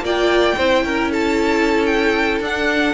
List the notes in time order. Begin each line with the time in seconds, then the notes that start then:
0.00 A#3 F4 D5 G5
0.57 C4 E4 C5
0.83 C#4 A#4
1.11 A4 A5
1.86 G5
2.40 D4 F#5